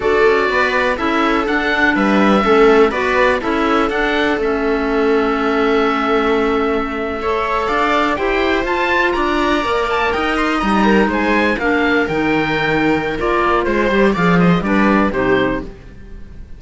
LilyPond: <<
  \new Staff \with { instrumentName = "oboe" } { \time 4/4 \tempo 4 = 123 d''2 e''4 fis''4 | e''2 d''4 e''4 | fis''4 e''2.~ | e''2.~ e''8. f''16~ |
f''8. g''4 a''4 ais''4~ ais''16~ | ais''16 a''8 g''8 c'''8 ais''4 gis''4 f''16~ | f''8. g''2~ g''16 d''4 | c''4 f''8 dis''8 d''4 c''4 | }
  \new Staff \with { instrumentName = "viola" } { \time 4/4 a'4 b'4 a'2 | b'4 a'4 b'4 a'4~ | a'1~ | a'2~ a'8. cis''4 d''16~ |
d''8. c''2 d''4~ d''16~ | d''8. dis''4. ais'8 c''4 ais'16~ | ais'1 | c''4 d''8 c''8 b'4 g'4 | }
  \new Staff \with { instrumentName = "clarinet" } { \time 4/4 fis'2 e'4 d'4~ | d'4 cis'4 fis'4 e'4 | d'4 cis'2.~ | cis'2~ cis'8. a'4~ a'16~ |
a'8. g'4 f'2 ais'16~ | ais'4.~ ais'16 dis'2 d'16~ | d'8. dis'2~ dis'16 f'4~ | f'8 g'8 gis'4 d'4 dis'4 | }
  \new Staff \with { instrumentName = "cello" } { \time 4/4 d'8 cis'8 b4 cis'4 d'4 | g4 a4 b4 cis'4 | d'4 a2.~ | a2.~ a8. d'16~ |
d'8. e'4 f'4 d'4 ais16~ | ais8. dis'4 g4 gis4 ais16~ | ais8. dis2~ dis16 ais4 | gis8 g8 f4 g4 c4 | }
>>